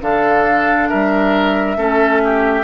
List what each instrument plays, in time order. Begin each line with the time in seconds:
0.00 bassoon D3, clarinet D4, oboe A4, flute F5
0.89 bassoon G3, oboe A#4, flute E5
1.76 bassoon A3, clarinet C#4, oboe A4
2.24 oboe G4